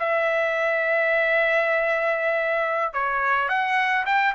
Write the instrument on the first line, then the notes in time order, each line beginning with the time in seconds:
trumpet
0.00 E5
2.94 C#5
3.49 F#5
4.06 G5